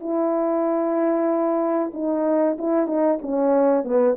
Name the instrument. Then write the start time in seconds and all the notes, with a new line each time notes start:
horn
0.00 E4
1.94 D#4
2.59 E4
2.87 D#4
3.22 C#4
3.85 B3